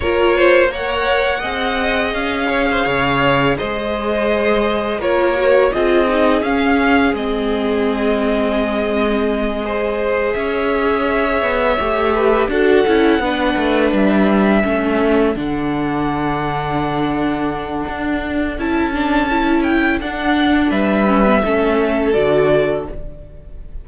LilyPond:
<<
  \new Staff \with { instrumentName = "violin" } { \time 4/4 \tempo 4 = 84 cis''4 fis''2 f''4~ | f''4 dis''2 cis''4 | dis''4 f''4 dis''2~ | dis''2~ dis''8 e''4.~ |
e''4. fis''2 e''8~ | e''4. fis''2~ fis''8~ | fis''2 a''4. g''8 | fis''4 e''2 d''4 | }
  \new Staff \with { instrumentName = "violin" } { \time 4/4 ais'8 c''8 cis''4 dis''4. cis''16 c''16 | cis''4 c''2 ais'4 | gis'1~ | gis'4. c''4 cis''4.~ |
cis''4 b'8 a'4 b'4.~ | b'8 a'2.~ a'8~ | a'1~ | a'4 b'4 a'2 | }
  \new Staff \with { instrumentName = "viola" } { \time 4/4 f'4 ais'4 gis'2~ | gis'2. f'8 fis'8 | f'8 dis'8 cis'4 c'2~ | c'4. gis'2~ gis'8~ |
gis'8 g'4 fis'8 e'8 d'4.~ | d'8 cis'4 d'2~ d'8~ | d'2 e'8 d'8 e'4 | d'4. cis'16 b16 cis'4 fis'4 | }
  \new Staff \with { instrumentName = "cello" } { \time 4/4 ais2 c'4 cis'4 | cis4 gis2 ais4 | c'4 cis'4 gis2~ | gis2~ gis8 cis'4. |
b8 a4 d'8 cis'8 b8 a8 g8~ | g8 a4 d2~ d8~ | d4 d'4 cis'2 | d'4 g4 a4 d4 | }
>>